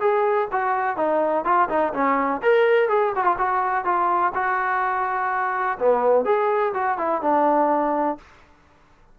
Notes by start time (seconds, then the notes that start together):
0.00 G#4
0.51 F#4
0.96 D#4
1.44 F4
1.69 D#4
1.93 C#4
2.42 A#4
2.88 G#4
3.15 F#4
3.24 F4
3.38 F#4
3.84 F4
4.34 F#4
5.79 B3
6.25 G#4
6.73 F#4
6.98 E4
7.22 D4